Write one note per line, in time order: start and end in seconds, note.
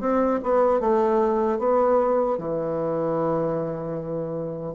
0.00 0.39 C4
0.43 0.80 B3
0.80 1.59 A3
1.59 2.38 B3
2.38 4.74 E3